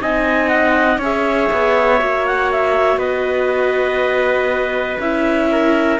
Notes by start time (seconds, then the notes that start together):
0.00 C4 D#4 D#5 G#5
0.48 F#5
0.97 C#4 G#4 C#5
1.03 E5
1.52 B3
1.98 A#3 F#4
2.26 F#5
2.51 E5
2.96 B3 B4 D#5
4.99 C#4 E4 E5
5.51 A#4